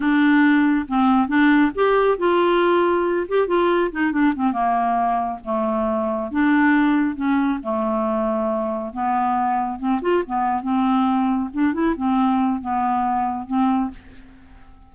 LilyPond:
\new Staff \with { instrumentName = "clarinet" } { \time 4/4 \tempo 4 = 138 d'2 c'4 d'4 | g'4 f'2~ f'8 g'8 | f'4 dis'8 d'8 c'8 ais4.~ | ais8 a2 d'4.~ |
d'8 cis'4 a2~ a8~ | a8 b2 c'8 f'8 b8~ | b8 c'2 d'8 e'8 c'8~ | c'4 b2 c'4 | }